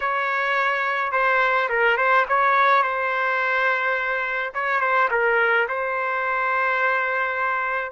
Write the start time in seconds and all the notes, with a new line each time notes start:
0.00 C#5
1.12 C5
1.69 A#4
1.97 C5
2.28 C#5
2.83 C5
4.54 C#5
4.80 C5
5.10 A#4
5.68 C5